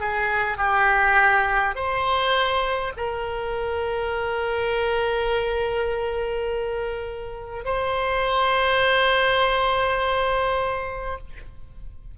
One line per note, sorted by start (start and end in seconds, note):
0.00 0.58 G#4
0.58 1.75 G4
1.75 2.93 C5
2.97 7.65 A#4
7.65 11.18 C5